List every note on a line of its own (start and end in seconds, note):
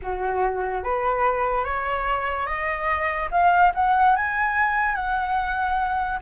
0.02 0.83 F#4
0.83 1.64 B4
1.64 2.46 C#5
2.46 3.29 D#5
3.31 3.72 F5
3.74 4.15 F#5
4.16 4.95 G#5
4.95 6.19 F#5